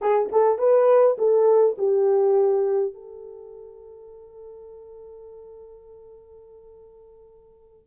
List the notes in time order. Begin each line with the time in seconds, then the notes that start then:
0.01 G#4
0.32 A4
0.58 B4
1.18 A4
1.78 G4
2.94 A4